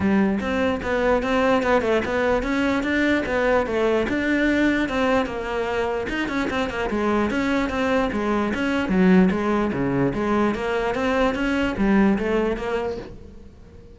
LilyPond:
\new Staff \with { instrumentName = "cello" } { \time 4/4 \tempo 4 = 148 g4 c'4 b4 c'4 | b8 a8 b4 cis'4 d'4 | b4 a4 d'2 | c'4 ais2 dis'8 cis'8 |
c'8 ais8 gis4 cis'4 c'4 | gis4 cis'4 fis4 gis4 | cis4 gis4 ais4 c'4 | cis'4 g4 a4 ais4 | }